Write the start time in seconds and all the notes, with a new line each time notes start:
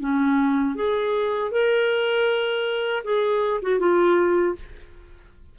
0.00 C#4
0.75 G#4
1.51 A#4
3.04 G#4
3.62 F#4
3.79 F4